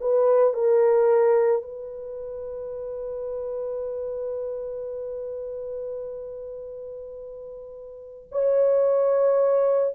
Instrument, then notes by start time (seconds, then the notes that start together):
horn
0.00 B4
0.54 A#4
1.62 B4
8.31 C#5